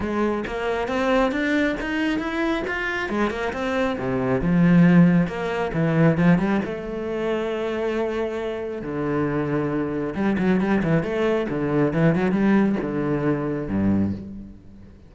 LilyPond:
\new Staff \with { instrumentName = "cello" } { \time 4/4 \tempo 4 = 136 gis4 ais4 c'4 d'4 | dis'4 e'4 f'4 gis8 ais8 | c'4 c4 f2 | ais4 e4 f8 g8 a4~ |
a1 | d2. g8 fis8 | g8 e8 a4 d4 e8 fis8 | g4 d2 g,4 | }